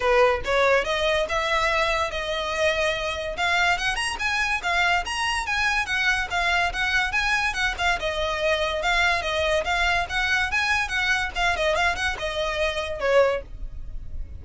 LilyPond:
\new Staff \with { instrumentName = "violin" } { \time 4/4 \tempo 4 = 143 b'4 cis''4 dis''4 e''4~ | e''4 dis''2. | f''4 fis''8 ais''8 gis''4 f''4 | ais''4 gis''4 fis''4 f''4 |
fis''4 gis''4 fis''8 f''8 dis''4~ | dis''4 f''4 dis''4 f''4 | fis''4 gis''4 fis''4 f''8 dis''8 | f''8 fis''8 dis''2 cis''4 | }